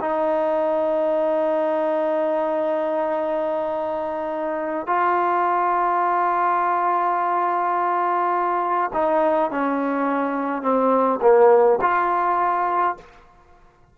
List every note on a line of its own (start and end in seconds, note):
0.00 4.87 D#4
4.87 8.91 F4
8.93 9.50 D#4
9.50 10.62 C#4
10.62 11.20 C4
11.21 11.79 A#3
11.81 12.97 F4